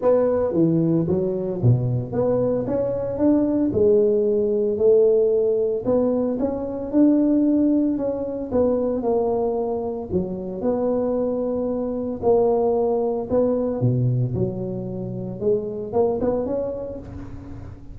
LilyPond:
\new Staff \with { instrumentName = "tuba" } { \time 4/4 \tempo 4 = 113 b4 e4 fis4 b,4 | b4 cis'4 d'4 gis4~ | gis4 a2 b4 | cis'4 d'2 cis'4 |
b4 ais2 fis4 | b2. ais4~ | ais4 b4 b,4 fis4~ | fis4 gis4 ais8 b8 cis'4 | }